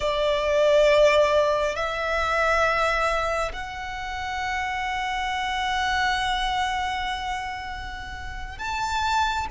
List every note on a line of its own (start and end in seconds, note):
0.00 1.75 D5
1.75 3.52 E5
3.53 8.58 F#5
8.58 9.47 A5